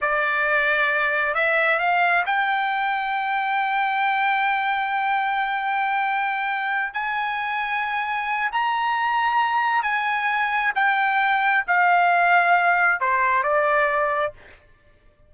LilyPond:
\new Staff \with { instrumentName = "trumpet" } { \time 4/4 \tempo 4 = 134 d''2. e''4 | f''4 g''2.~ | g''1~ | g''2.~ g''8 gis''8~ |
gis''2. ais''4~ | ais''2 gis''2 | g''2 f''2~ | f''4 c''4 d''2 | }